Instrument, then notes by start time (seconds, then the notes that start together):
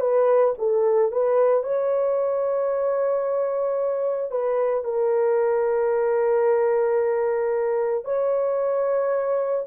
horn
0.00 B4
0.58 A4
1.12 B4
1.64 C#5
4.31 B4
4.84 A#4
8.05 C#5